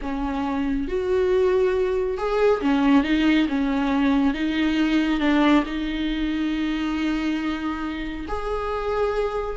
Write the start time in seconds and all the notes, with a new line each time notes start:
0.01 C#4
0.87 F#4
2.17 G#4
2.61 C#4
3.03 D#4
3.48 C#4
4.34 D#4
5.20 D4
5.65 D#4
8.28 G#4